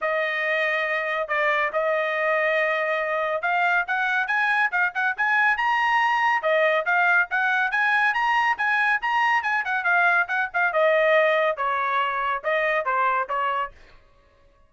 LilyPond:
\new Staff \with { instrumentName = "trumpet" } { \time 4/4 \tempo 4 = 140 dis''2. d''4 | dis''1 | f''4 fis''4 gis''4 f''8 fis''8 | gis''4 ais''2 dis''4 |
f''4 fis''4 gis''4 ais''4 | gis''4 ais''4 gis''8 fis''8 f''4 | fis''8 f''8 dis''2 cis''4~ | cis''4 dis''4 c''4 cis''4 | }